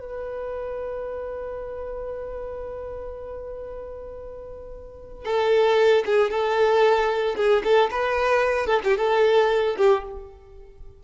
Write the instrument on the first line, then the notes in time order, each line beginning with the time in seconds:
violin
0.00 B4
5.25 A4
6.05 G#4
6.30 A4
7.36 G#4
7.64 A4
7.91 B4
8.66 A4
8.84 G4
8.97 A4
9.77 G4